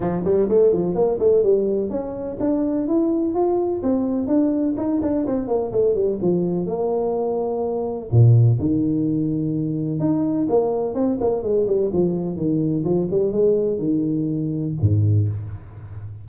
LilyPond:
\new Staff \with { instrumentName = "tuba" } { \time 4/4 \tempo 4 = 126 f8 g8 a8 f8 ais8 a8 g4 | cis'4 d'4 e'4 f'4 | c'4 d'4 dis'8 d'8 c'8 ais8 | a8 g8 f4 ais2~ |
ais4 ais,4 dis2~ | dis4 dis'4 ais4 c'8 ais8 | gis8 g8 f4 dis4 f8 g8 | gis4 dis2 gis,4 | }